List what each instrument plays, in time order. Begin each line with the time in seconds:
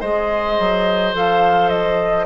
0.00 bassoon G#3, clarinet G#4, oboe C5, flute D#5
0.59 bassoon F#3
1.14 bassoon F3, clarinet A4, flute F5
1.69 flute D#5